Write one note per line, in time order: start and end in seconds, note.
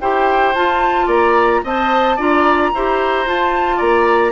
0.00 0.55 E4
0.00 0.55 G4
0.00 1.06 C5
0.00 0.54 G5
0.54 1.07 F4
0.54 1.64 F4
0.54 1.08 A5
1.06 1.61 A#3
1.06 1.60 D5
1.06 1.63 A#5
1.64 2.18 C4
1.64 2.18 C5
1.64 2.16 D#5
1.64 2.20 A5
2.16 2.72 D4
2.16 2.72 F4
2.16 2.70 D5
2.16 3.27 A#5
2.73 3.26 E4
2.73 3.25 G4
2.73 3.76 C5
3.25 4.32 F4
3.25 3.80 F4
3.25 3.79 A5
3.76 4.32 A#3
3.76 4.30 D5
3.76 4.32 A#5